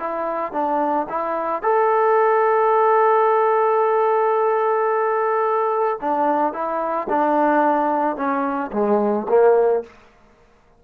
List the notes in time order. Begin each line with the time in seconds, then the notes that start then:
0.00 E4
0.53 D4
1.10 E4
1.63 A4
6.01 D4
6.53 E4
7.09 D4
8.16 C#4
8.72 G#3
9.29 A#3